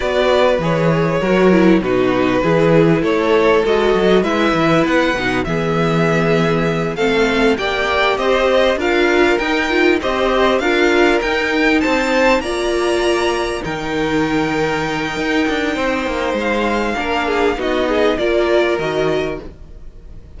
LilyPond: <<
  \new Staff \with { instrumentName = "violin" } { \time 4/4 \tempo 4 = 99 d''4 cis''2 b'4~ | b'4 cis''4 dis''4 e''4 | fis''4 e''2~ e''8 f''8~ | f''8 g''4 dis''4 f''4 g''8~ |
g''8 dis''4 f''4 g''4 a''8~ | a''8 ais''2 g''4.~ | g''2. f''4~ | f''4 dis''4 d''4 dis''4 | }
  \new Staff \with { instrumentName = "violin" } { \time 4/4 b'2 ais'4 fis'4 | gis'4 a'2 b'4~ | b'4 gis'2~ gis'8 a'8~ | a'8 d''4 c''4 ais'4.~ |
ais'8 c''4 ais'2 c''8~ | c''8 d''2 ais'4.~ | ais'2 c''2 | ais'8 gis'8 fis'8 gis'8 ais'2 | }
  \new Staff \with { instrumentName = "viola" } { \time 4/4 fis'4 gis'4 fis'8 e'8 dis'4 | e'2 fis'4 e'4~ | e'8 dis'8 b2~ b8 c'8~ | c'8 g'2 f'4 dis'8 |
f'8 g'4 f'4 dis'4.~ | dis'8 f'2 dis'4.~ | dis'1 | d'4 dis'4 f'4 fis'4 | }
  \new Staff \with { instrumentName = "cello" } { \time 4/4 b4 e4 fis4 b,4 | e4 a4 gis8 fis8 gis8 e8 | b8 b,8 e2~ e8 a8~ | a8 ais4 c'4 d'4 dis'8~ |
dis'8 c'4 d'4 dis'4 c'8~ | c'8 ais2 dis4.~ | dis4 dis'8 d'8 c'8 ais8 gis4 | ais4 b4 ais4 dis4 | }
>>